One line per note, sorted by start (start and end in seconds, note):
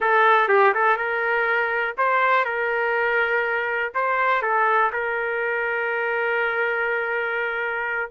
0.00 0.48 A4
0.48 0.73 G4
0.74 0.96 A4
0.96 1.94 A#4
1.97 2.44 C5
2.44 3.92 A#4
3.94 4.42 C5
4.42 4.91 A4
4.92 8.11 A#4